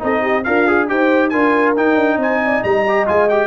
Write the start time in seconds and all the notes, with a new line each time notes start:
0.00 C4 D#4 A4 D#5
0.22 G4
0.44 D4 F4 A#4 F5
0.68 G#4
0.89 D#4 G4 C5 G5
1.30 D4 F4 A#4 G#5
1.77 D#4 G5
1.95 D4
2.17 C4 C5 G#5
2.44 D5
2.63 G3 D#5 A#5
2.89 G4
3.07 G#3 F4 G#5
3.29 G4 G5